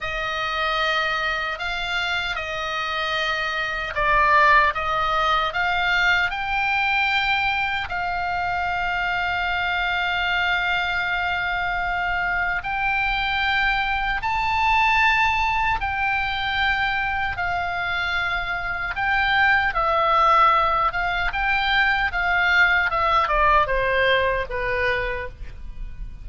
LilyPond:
\new Staff \with { instrumentName = "oboe" } { \time 4/4 \tempo 4 = 76 dis''2 f''4 dis''4~ | dis''4 d''4 dis''4 f''4 | g''2 f''2~ | f''1 |
g''2 a''2 | g''2 f''2 | g''4 e''4. f''8 g''4 | f''4 e''8 d''8 c''4 b'4 | }